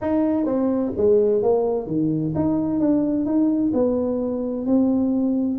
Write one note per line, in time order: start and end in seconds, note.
0.01 0.45 D#4
0.45 0.92 C4
0.96 1.42 G#3
1.42 1.86 A#3
1.86 2.33 D#3
2.35 2.79 D#4
2.79 3.25 D4
3.25 3.72 D#4
3.73 4.66 B3
4.66 5.59 C4